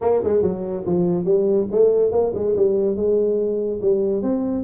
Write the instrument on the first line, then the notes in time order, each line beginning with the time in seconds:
tuba
0.01 A#3
0.23 G#3
0.42 F#3
0.85 F3
1.24 G3
1.71 A3
2.11 A#3
2.34 G#3
2.56 G3
2.96 G#3
3.81 G3
4.22 C4